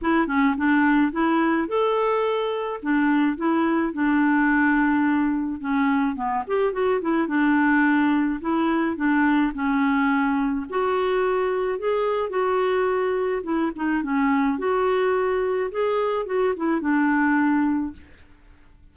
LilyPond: \new Staff \with { instrumentName = "clarinet" } { \time 4/4 \tempo 4 = 107 e'8 cis'8 d'4 e'4 a'4~ | a'4 d'4 e'4 d'4~ | d'2 cis'4 b8 g'8 | fis'8 e'8 d'2 e'4 |
d'4 cis'2 fis'4~ | fis'4 gis'4 fis'2 | e'8 dis'8 cis'4 fis'2 | gis'4 fis'8 e'8 d'2 | }